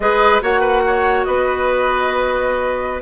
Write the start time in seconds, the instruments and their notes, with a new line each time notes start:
0.00 bassoon G#3, clarinet G#4, oboe B4, flute D#5
0.40 bassoon A#3, clarinet F#4, oboe C#5, flute F#5
0.60 oboe B4
0.86 oboe C#5
1.24 bassoon B3, oboe B4, flute D#5